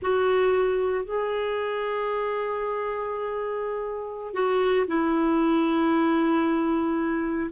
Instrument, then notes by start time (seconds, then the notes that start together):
clarinet
0.02 F#4
1.04 G#4
4.33 F#4
4.87 E4